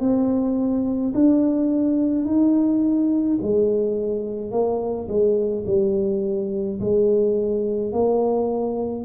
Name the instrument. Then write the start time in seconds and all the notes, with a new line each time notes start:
tuba
0.00 C4
1.14 D4
2.25 D#4
3.42 G#3
4.51 A#3
5.08 G#3
5.67 G3
6.80 G#3
7.92 A#3